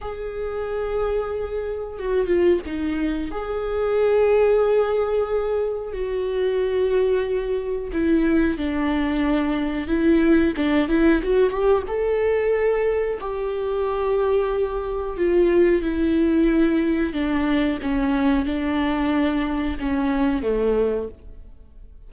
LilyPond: \new Staff \with { instrumentName = "viola" } { \time 4/4 \tempo 4 = 91 gis'2. fis'8 f'8 | dis'4 gis'2.~ | gis'4 fis'2. | e'4 d'2 e'4 |
d'8 e'8 fis'8 g'8 a'2 | g'2. f'4 | e'2 d'4 cis'4 | d'2 cis'4 a4 | }